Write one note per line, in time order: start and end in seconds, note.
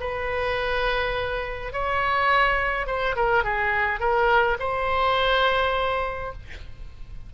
0.00 1.72 B4
1.72 2.86 C#5
2.86 3.15 C5
3.16 3.44 A#4
3.44 4.00 G#4
4.00 4.57 A#4
4.59 6.32 C5